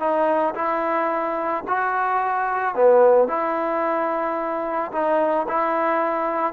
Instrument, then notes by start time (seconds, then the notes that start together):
trombone
0.00 D#4
0.55 E4
1.68 F#4
2.75 B3
3.28 E4
4.92 D#4
5.49 E4